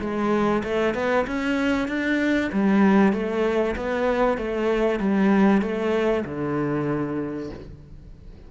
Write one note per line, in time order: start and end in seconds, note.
0.00 0.62 G#3
0.63 0.94 A3
0.94 1.25 B3
1.27 1.88 C#4
1.88 2.50 D4
2.52 3.12 G3
3.12 3.75 A3
3.76 4.38 B3
4.38 4.99 A3
4.99 5.61 G3
5.61 6.24 A3
6.24 7.49 D3